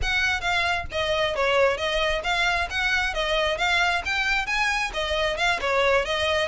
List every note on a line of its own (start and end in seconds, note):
0.01 0.40 F#5
0.40 0.85 F5
0.91 1.35 D#5
1.35 1.77 C#5
1.77 2.22 D#5
2.23 2.68 F5
2.70 3.13 F#5
3.13 3.57 D#5
3.57 4.02 F5
4.05 4.46 G5
4.46 4.91 G#5
4.93 5.37 D#5
5.37 5.59 F5
5.60 6.05 C#5
6.05 6.48 D#5